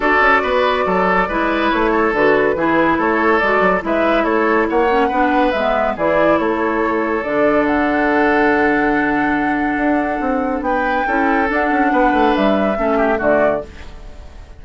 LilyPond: <<
  \new Staff \with { instrumentName = "flute" } { \time 4/4 \tempo 4 = 141 d''1 | cis''4 b'2 cis''4 | d''4 e''4 cis''4 fis''4~ | fis''4 e''4 d''4 cis''4~ |
cis''4 d''4 fis''2~ | fis''1~ | fis''4 g''2 fis''4~ | fis''4 e''2 d''4 | }
  \new Staff \with { instrumentName = "oboe" } { \time 4/4 a'4 b'4 a'4 b'4~ | b'8 a'4. gis'4 a'4~ | a'4 b'4 a'4 cis''4 | b'2 gis'4 a'4~ |
a'1~ | a'1~ | a'4 b'4 a'2 | b'2 a'8 g'8 fis'4 | }
  \new Staff \with { instrumentName = "clarinet" } { \time 4/4 fis'2. e'4~ | e'4 fis'4 e'2 | fis'4 e'2~ e'8 cis'8 | d'4 b4 e'2~ |
e'4 d'2.~ | d'1~ | d'2 e'4 d'4~ | d'2 cis'4 a4 | }
  \new Staff \with { instrumentName = "bassoon" } { \time 4/4 d'8 cis'8 b4 fis4 gis4 | a4 d4 e4 a4 | gis8 fis8 gis4 a4 ais4 | b4 gis4 e4 a4~ |
a4 d2.~ | d2. d'4 | c'4 b4 cis'4 d'8 cis'8 | b8 a8 g4 a4 d4 | }
>>